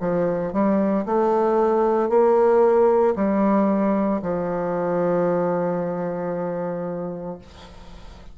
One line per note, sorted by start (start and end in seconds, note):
0.00 0.53 F3
0.53 1.05 G3
1.06 2.09 A3
2.09 3.14 A#3
3.16 4.21 G3
4.22 7.38 F3